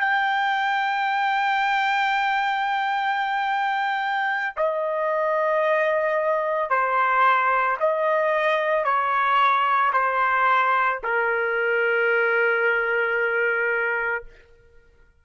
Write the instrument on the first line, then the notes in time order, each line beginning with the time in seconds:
trumpet
0.00 G5
4.56 D#5
6.70 C5
7.80 D#5
8.84 C#5
9.93 C5
11.03 A#4